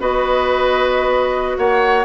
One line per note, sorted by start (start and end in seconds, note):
0.00 1.58 B3
0.00 2.05 F#4
0.00 1.57 B4
0.00 1.58 D#5
1.58 2.05 A#3
1.58 2.05 C#5
1.58 2.05 F#5